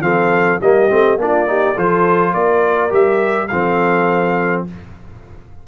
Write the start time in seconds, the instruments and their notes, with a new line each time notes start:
0.00 tuba F3, trombone C4, horn A4, trumpet F5
0.61 tuba G3, trombone A#3, horn G4, trumpet D#5
0.89 tuba A3, trombone C4
1.17 tuba A#3, trombone D4, horn F4, trumpet D5
1.47 trombone D#4, horn G4
1.75 tuba F3, trombone F4, horn A4, trumpet C5
2.34 tuba A#3, horn A#4, trumpet D5
2.90 tuba G3, trombone G4, trumpet E5
3.48 tuba F3, trombone C4, horn A4, trumpet F5